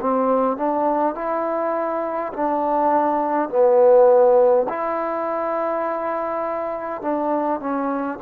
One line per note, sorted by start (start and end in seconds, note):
0.00 0.57 C4
0.57 1.14 D4
1.14 2.32 E4
2.33 3.49 D4
3.49 4.67 B3
4.68 7.02 E4
7.02 7.60 D4
7.60 8.19 C#4